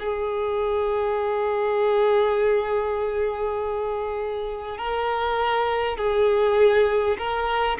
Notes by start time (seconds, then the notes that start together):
0.00 G#4
4.78 A#4
5.97 G#4
7.18 A#4